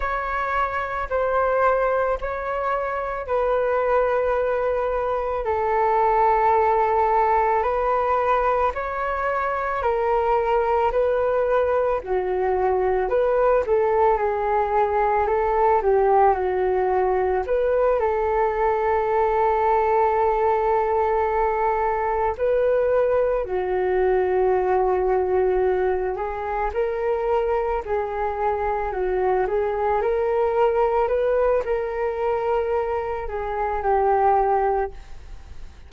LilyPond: \new Staff \with { instrumentName = "flute" } { \time 4/4 \tempo 4 = 55 cis''4 c''4 cis''4 b'4~ | b'4 a'2 b'4 | cis''4 ais'4 b'4 fis'4 | b'8 a'8 gis'4 a'8 g'8 fis'4 |
b'8 a'2.~ a'8~ | a'8 b'4 fis'2~ fis'8 | gis'8 ais'4 gis'4 fis'8 gis'8 ais'8~ | ais'8 b'8 ais'4. gis'8 g'4 | }